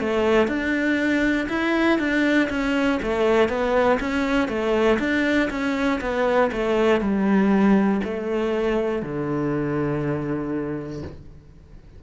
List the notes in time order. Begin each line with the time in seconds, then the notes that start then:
0.00 A3
0.48 D4
1.49 E4
1.99 D4
2.50 C#4
3.02 A3
3.49 B3
4.00 C#4
4.48 A3
4.99 D4
5.50 C#4
6.01 B3
6.52 A3
7.01 G3
8.04 A3
9.03 D3